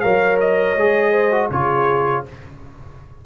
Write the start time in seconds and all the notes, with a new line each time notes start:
0.00 F#3 A#4 C#5 F5
0.40 D#5
0.76 G#3 G#4
1.11 C5
1.31 F#4
1.50 C#3 F4 G#4 C#5